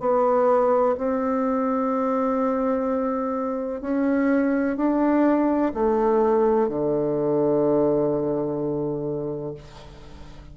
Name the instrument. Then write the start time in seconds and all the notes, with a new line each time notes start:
bassoon
0.00 B3
0.98 C4
3.81 C#4
4.77 D4
5.74 A3
6.68 D3